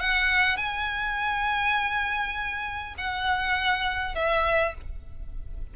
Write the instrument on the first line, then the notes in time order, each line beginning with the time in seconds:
violin
0.00 F#5
0.57 G#5
2.97 F#5
4.15 E5